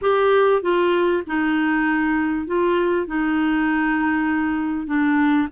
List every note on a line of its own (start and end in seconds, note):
0.01 0.62 G4
0.62 1.23 F4
1.26 2.46 D#4
2.46 3.06 F4
3.06 4.86 D#4
4.86 5.48 D4